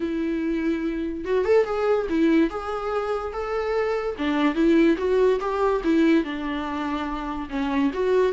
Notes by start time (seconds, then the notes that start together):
0.00 E4
1.25 F#4
1.44 A4
1.65 G#4
2.09 E4
2.50 G#4
3.32 A4
4.17 D4
4.54 E4
4.97 F#4
5.40 G4
5.84 E4
6.23 D4
7.49 C#4
7.93 F#4